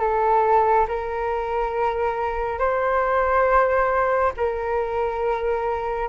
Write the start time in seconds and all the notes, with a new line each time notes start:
0.00 A4
0.88 A#4
2.58 C5
4.37 A#4